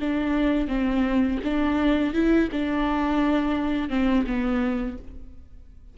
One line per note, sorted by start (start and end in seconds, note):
0.00 0.67 D4
0.67 1.38 C4
1.44 2.13 D4
2.13 2.49 E4
2.52 3.89 D4
3.89 4.24 C4
4.27 4.97 B3